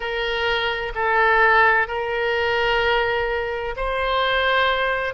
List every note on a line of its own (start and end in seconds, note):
0.00 0.92 A#4
0.95 1.87 A4
1.87 3.75 A#4
3.76 5.13 C5